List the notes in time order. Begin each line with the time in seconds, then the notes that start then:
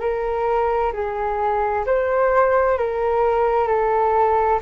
0.00 A#4
0.93 G#4
1.86 C5
2.78 A#4
3.68 A4